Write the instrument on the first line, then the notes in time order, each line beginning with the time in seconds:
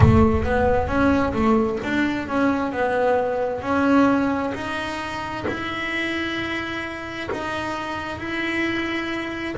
double bass
0.00 A3
0.44 B3
0.87 C#4
1.33 A3
1.83 D4
2.27 C#4
2.71 B3
3.62 C#4
4.54 D#4
5.48 E4
7.31 D#4
8.18 E4